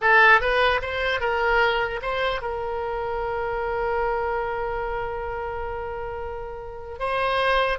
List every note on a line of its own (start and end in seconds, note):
0.01 0.41 A4
0.41 0.81 B4
0.81 1.20 C5
1.20 2.00 A#4
2.01 2.41 C5
2.41 6.99 A#4
6.99 7.78 C5